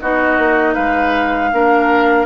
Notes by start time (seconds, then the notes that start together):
0.00 B3 D#4 F#4 D#5
0.38 A#3
0.74 G#3 B4 F5
1.53 A#3 D4 A#4